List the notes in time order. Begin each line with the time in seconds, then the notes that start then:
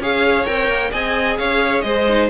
0.00 C#4 G#4 C#5 F5
0.45 C4 A#4 G5
0.68 A#3
0.91 C4 G#4 D#5 G#5
1.37 C#4 C#5 F5
1.81 G#3 C5 D#5
2.09 D#4